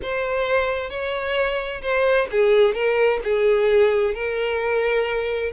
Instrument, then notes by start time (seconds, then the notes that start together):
violin
0.02 C5
0.90 C#5
1.82 C5
2.31 G#4
2.74 A#4
3.23 G#4
4.14 A#4